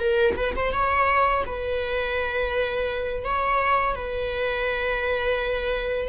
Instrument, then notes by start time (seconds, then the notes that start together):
viola
0.00 A#4
0.37 B4
0.56 C5
0.73 C#5
1.46 B4
3.25 C#5
3.95 B4